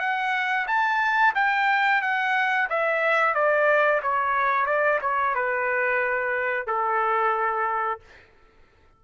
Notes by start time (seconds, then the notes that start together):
0.00 F#5
0.67 A5
1.35 G5
2.02 F#5
2.70 E5
3.34 D5
4.03 C#5
4.66 D5
5.02 C#5
5.35 B4
6.67 A4